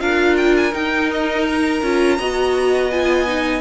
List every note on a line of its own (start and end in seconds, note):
0.00 0.74 D4
0.00 0.72 F4
0.00 2.19 A#4
0.00 0.37 F5
0.37 0.56 G5
0.57 0.74 G#5
0.73 1.81 D#4
0.73 1.83 D#4
0.73 1.11 G5
1.12 1.48 D#5
1.48 2.91 A#5
1.83 2.19 C#4
1.83 2.19 F4
2.19 3.61 B3
2.19 2.92 F#4
2.19 3.61 D#5
2.91 3.28 F4
2.91 3.61 G#5
3.28 3.61 D#4